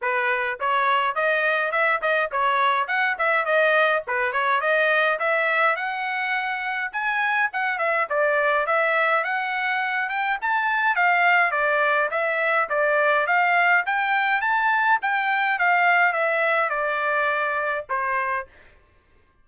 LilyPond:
\new Staff \with { instrumentName = "trumpet" } { \time 4/4 \tempo 4 = 104 b'4 cis''4 dis''4 e''8 dis''8 | cis''4 fis''8 e''8 dis''4 b'8 cis''8 | dis''4 e''4 fis''2 | gis''4 fis''8 e''8 d''4 e''4 |
fis''4. g''8 a''4 f''4 | d''4 e''4 d''4 f''4 | g''4 a''4 g''4 f''4 | e''4 d''2 c''4 | }